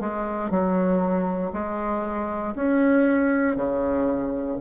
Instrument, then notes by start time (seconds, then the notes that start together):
bassoon
0.00 G#3
0.50 F#3
1.53 G#3
2.55 C#4
3.56 C#3